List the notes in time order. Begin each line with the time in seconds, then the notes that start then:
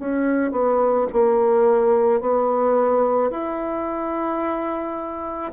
0.00 C#4
0.52 B3
1.13 A#3
2.21 B3
3.31 E4